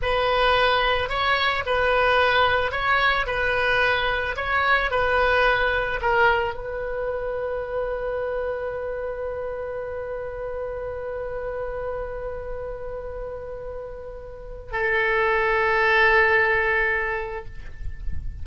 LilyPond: \new Staff \with { instrumentName = "oboe" } { \time 4/4 \tempo 4 = 110 b'2 cis''4 b'4~ | b'4 cis''4 b'2 | cis''4 b'2 ais'4 | b'1~ |
b'1~ | b'1~ | b'2. a'4~ | a'1 | }